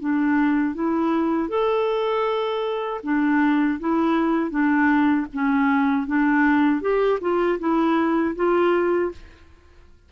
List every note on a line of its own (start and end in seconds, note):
0.00 0.74 D4
0.74 1.49 E4
1.49 3.01 A4
3.03 3.79 D4
3.80 4.51 E4
4.51 5.26 D4
5.33 6.07 C#4
6.07 6.81 D4
6.81 7.19 G4
7.21 7.59 F4
7.59 8.35 E4
8.36 9.12 F4